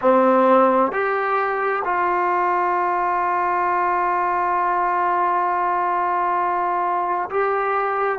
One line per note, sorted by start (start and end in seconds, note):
0.01 0.92 C4
0.92 1.83 G4
1.84 7.29 F4
7.30 8.19 G4